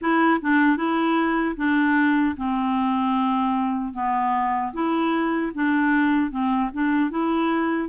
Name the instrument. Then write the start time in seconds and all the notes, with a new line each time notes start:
clarinet
0.01 E4
0.41 D4
0.76 E4
1.56 D4
2.36 C4
3.93 B3
4.73 E4
5.54 D4
6.30 C4
6.73 D4
7.10 E4